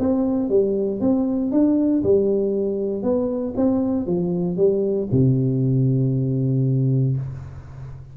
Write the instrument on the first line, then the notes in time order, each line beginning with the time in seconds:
tuba
0.00 C4
0.49 G3
1.01 C4
1.52 D4
2.03 G3
3.03 B3
3.57 C4
4.07 F3
4.57 G3
5.12 C3